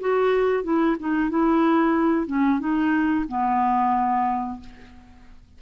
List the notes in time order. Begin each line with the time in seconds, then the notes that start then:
0.00 F#4
0.63 E4
1.00 D#4
1.29 E4
2.26 C#4
2.59 D#4
3.28 B3